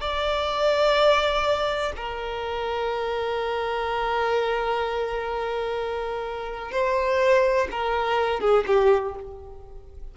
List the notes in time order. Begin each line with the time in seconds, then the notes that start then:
0.00 D5
1.96 A#4
6.71 C5
7.71 A#4
8.40 G#4
8.66 G4